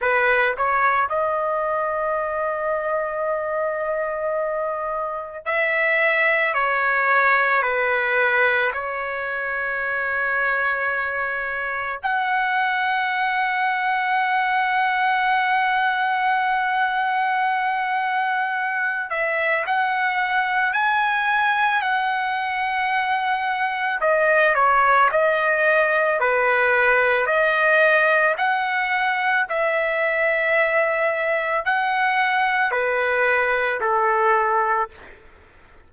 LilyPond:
\new Staff \with { instrumentName = "trumpet" } { \time 4/4 \tempo 4 = 55 b'8 cis''8 dis''2.~ | dis''4 e''4 cis''4 b'4 | cis''2. fis''4~ | fis''1~ |
fis''4. e''8 fis''4 gis''4 | fis''2 dis''8 cis''8 dis''4 | b'4 dis''4 fis''4 e''4~ | e''4 fis''4 b'4 a'4 | }